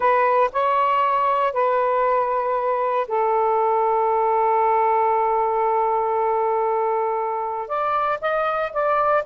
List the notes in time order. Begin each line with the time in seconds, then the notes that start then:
0.00 B4
0.52 C#5
1.53 B4
3.07 A4
7.67 D5
8.21 D#5
8.72 D5